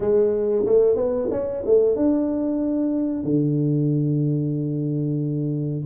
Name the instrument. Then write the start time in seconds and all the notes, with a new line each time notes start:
tuba
0.00 G#3
0.66 A3
0.96 B3
1.31 C#4
1.65 A3
1.96 D4
3.24 D3